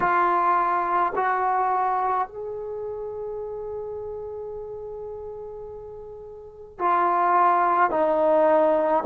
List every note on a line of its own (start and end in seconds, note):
0.00 1.13 F4
1.15 2.27 F#4
2.27 6.79 G#4
6.79 7.90 F4
7.90 9.03 D#4